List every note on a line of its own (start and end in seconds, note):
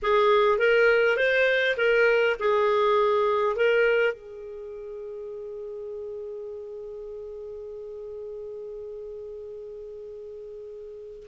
0.02 0.58 G#4
0.58 1.16 A#4
1.16 1.76 C5
1.77 2.36 A#4
2.39 3.56 G#4
3.56 4.13 A#4
4.13 11.26 G#4